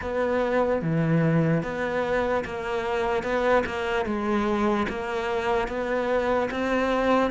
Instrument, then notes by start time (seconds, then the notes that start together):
cello
0.01 B3
0.81 E3
1.63 B3
2.44 A#3
3.22 B3
3.66 A#3
4.05 G#3
4.89 A#3
5.68 B3
6.50 C4